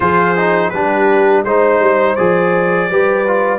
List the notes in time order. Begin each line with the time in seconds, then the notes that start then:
0.00 F3 F4 G#4 C5
0.36 D#4
0.70 G3 D4 G4 B4
1.44 G#3 D#4 C5
1.79 G3
2.15 F3 G#4 D5
2.90 G3 G4 B4
3.26 F4